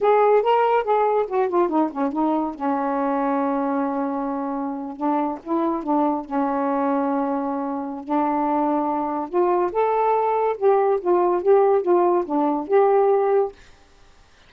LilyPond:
\new Staff \with { instrumentName = "saxophone" } { \time 4/4 \tempo 4 = 142 gis'4 ais'4 gis'4 fis'8 f'8 | dis'8 cis'8 dis'4 cis'2~ | cis'2.~ cis'8. d'16~ | d'8. e'4 d'4 cis'4~ cis'16~ |
cis'2. d'4~ | d'2 f'4 a'4~ | a'4 g'4 f'4 g'4 | f'4 d'4 g'2 | }